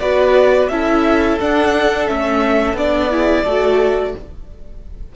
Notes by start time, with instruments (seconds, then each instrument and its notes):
0.00 cello B3, viola F#4, violin B4 D5
0.69 cello C#4, viola E4, violin A4 E5
1.40 viola D4, cello D4, violin F#5
2.08 cello A3, viola C#4, violin E5
2.74 cello B3, viola D4, violin D5
3.11 viola E4, violin G#4
3.44 cello A3, viola F#4, violin A4